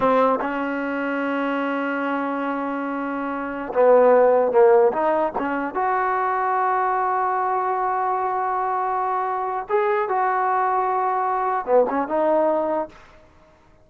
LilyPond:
\new Staff \with { instrumentName = "trombone" } { \time 4/4 \tempo 4 = 149 c'4 cis'2.~ | cis'1~ | cis'4~ cis'16 b2 ais8.~ | ais16 dis'4 cis'4 fis'4.~ fis'16~ |
fis'1~ | fis'1 | gis'4 fis'2.~ | fis'4 b8 cis'8 dis'2 | }